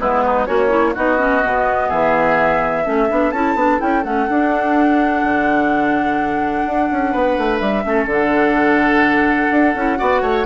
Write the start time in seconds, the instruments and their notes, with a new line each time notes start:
0.00 bassoon G#3, clarinet B3, oboe E4, flute B4
0.26 oboe D#4
0.46 bassoon A#3, oboe C#4, clarinet F#4, flute C#5
0.70 clarinet E4
0.94 bassoon B3, clarinet D#4, oboe F#4, flute D#5
1.18 clarinet C#4
1.44 bassoon B2, clarinet B3
1.89 bassoon E3, oboe G#4, flute E5
2.84 bassoon A3, clarinet C#4, oboe A4
3.09 bassoon B3, clarinet D4
3.32 bassoon C#4, clarinet E4, flute A5
3.55 bassoon B3, clarinet D4
3.79 bassoon C#4, clarinet E4, flute G5
4.04 bassoon A3, clarinet C#4, flute F#5
4.29 bassoon D4, clarinet D4
5.24 bassoon D3
6.66 bassoon D4
6.92 bassoon C#4
7.11 bassoon B3, oboe B4
7.38 bassoon A3
7.58 bassoon G3, flute E5
7.84 bassoon A3, clarinet C#4, oboe A4
8.06 bassoon D3, clarinet D4, flute F#5
9.51 bassoon D4
9.75 bassoon C#4, clarinet E4
9.97 bassoon B3, clarinet F#4, oboe D5
10.22 bassoon A3, oboe C#5